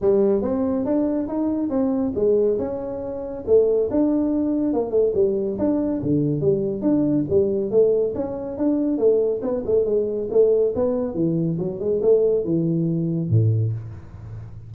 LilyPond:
\new Staff \with { instrumentName = "tuba" } { \time 4/4 \tempo 4 = 140 g4 c'4 d'4 dis'4 | c'4 gis4 cis'2 | a4 d'2 ais8 a8 | g4 d'4 d4 g4 |
d'4 g4 a4 cis'4 | d'4 a4 b8 a8 gis4 | a4 b4 e4 fis8 gis8 | a4 e2 a,4 | }